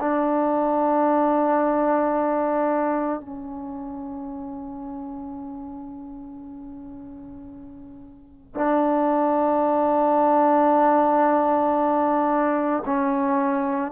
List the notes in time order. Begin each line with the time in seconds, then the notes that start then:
0.00 D4
3.20 C#4
8.55 D4
12.86 C#4